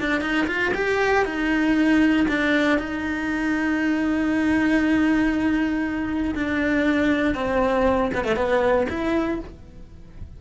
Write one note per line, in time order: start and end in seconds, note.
0.00 0.21 D4
0.21 0.46 D#4
0.47 0.72 F4
0.74 1.25 G4
1.25 2.26 D#4
2.28 2.78 D4
2.78 6.34 D#4
6.34 7.34 D4
7.34 8.11 C4
8.14 8.24 B3
8.24 8.36 A3
8.36 8.87 B3
8.89 9.40 E4